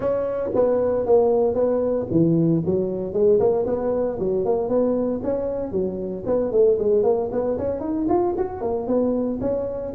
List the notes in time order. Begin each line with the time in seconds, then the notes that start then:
0.00 C#4
0.55 B3
1.06 A#3
1.54 B3
2.11 E3
2.65 F#3
3.13 G#3
3.39 A#3
3.66 B3
4.19 F#3
4.45 A#3
4.68 B3
5.23 C#4
5.71 F#3
6.26 B3
6.51 A3
6.78 G#3
7.03 A#3
7.31 B3
7.58 C#4
7.80 D#4
8.08 F4
8.37 F#4
8.61 A#3
8.87 B3
9.41 C#4